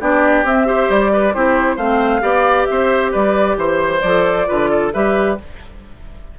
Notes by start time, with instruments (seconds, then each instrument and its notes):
0.00 bassoon B3, clarinet D4, oboe G4, flute D5
0.44 bassoon C4, clarinet C4, flute E5
0.66 clarinet G4, oboe C5
0.89 bassoon G3, flute D5
1.13 oboe B4
1.33 bassoon C4, clarinet E4, oboe G4, flute C5
1.76 bassoon A3, clarinet C4, oboe C5, flute F5
2.21 bassoon B3, clarinet G4, oboe D5
2.65 bassoon C4, oboe C5, flute E5
3.11 bassoon G3, oboe B4, flute D5
3.57 bassoon E3, flute C5, oboe C5
4.01 bassoon F3, clarinet A4, flute D5
4.47 bassoon D3, clarinet F4, oboe B4
4.70 oboe A4
4.93 bassoon G3, clarinet G4, oboe B4, flute E5